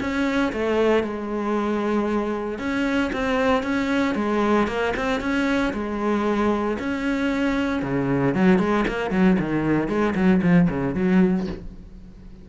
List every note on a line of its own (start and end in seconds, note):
0.00 0.52 C#4
0.52 1.03 A3
1.03 2.58 G#3
2.58 3.11 C#4
3.12 3.63 C4
3.63 4.15 C#4
4.15 4.67 G#3
4.67 4.94 A#3
4.96 5.21 C4
5.21 5.73 C#4
5.73 6.78 G#3
6.79 7.82 C#4
7.82 8.35 C#3
8.35 8.58 F#3
8.58 8.85 G#3
8.88 9.11 A#3
9.11 9.37 F#3
9.40 9.88 D#3
9.88 10.14 G#3
10.15 10.41 F#3
10.42 10.68 F3
10.69 10.95 C#3
10.95 11.47 F#3